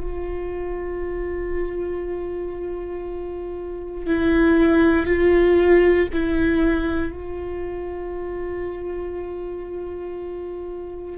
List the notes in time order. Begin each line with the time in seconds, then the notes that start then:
0.00 F4
4.07 E4
5.07 F4
6.13 E4
7.12 F4